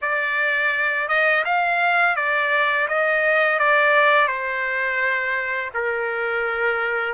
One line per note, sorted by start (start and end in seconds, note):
0.01 1.08 D5
1.08 1.44 D#5
1.44 2.16 F5
2.16 2.87 D5
2.88 3.59 D#5
3.59 4.27 D5
4.27 5.70 C5
5.74 7.14 A#4